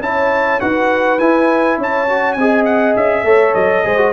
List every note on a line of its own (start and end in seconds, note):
0.00 0.59 C#4
0.00 0.60 E4
0.00 0.60 A5
0.06 0.61 C#5
0.60 1.19 D#4
0.60 1.19 F#4
0.60 1.79 B4
0.60 1.19 F#5
1.19 1.77 E4
1.19 2.08 E4
1.19 1.78 G#5
1.77 2.36 C#4
1.77 2.37 C#5
1.77 2.33 A5
2.09 2.39 F#4
2.33 2.95 C4
2.33 3.26 D#5
2.33 2.63 G#5
2.40 3.26 G#4
2.65 2.95 F#5
2.96 3.24 C#4
2.96 3.54 E5
3.24 3.53 A3
3.24 3.84 A4
3.24 3.84 C#5
3.54 3.84 F#3
3.54 4.12 D#5
3.84 4.12 G#3
3.84 3.97 G#4
3.84 4.12 C5
3.97 4.12 F#4